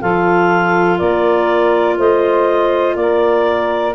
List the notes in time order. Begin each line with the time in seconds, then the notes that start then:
0.00 F3 F4 A4 F5
0.98 A#3 A#4 D5
1.98 A3 C5 D#5
2.96 A#3 A#4 D5